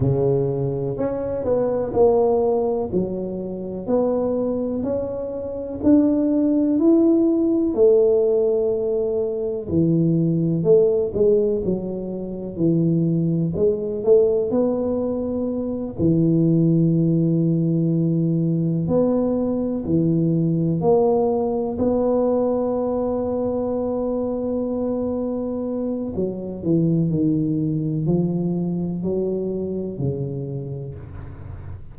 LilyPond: \new Staff \with { instrumentName = "tuba" } { \time 4/4 \tempo 4 = 62 cis4 cis'8 b8 ais4 fis4 | b4 cis'4 d'4 e'4 | a2 e4 a8 gis8 | fis4 e4 gis8 a8 b4~ |
b8 e2. b8~ | b8 e4 ais4 b4.~ | b2. fis8 e8 | dis4 f4 fis4 cis4 | }